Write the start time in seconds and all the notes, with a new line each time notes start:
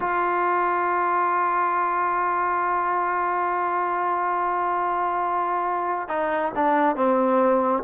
0.00 F4
6.08 D#4
6.55 D4
6.96 C4